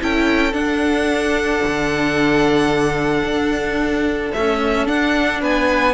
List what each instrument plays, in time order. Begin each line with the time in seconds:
0.00 cello C#4, viola E4, violin A4 G5
0.52 viola D4, cello D4, violin F#5
1.66 cello D3
3.23 cello D4
4.33 viola A3, cello C#4, violin E5
4.85 viola D4, cello D4, violin F#5
5.40 cello B3, violin B4 G#5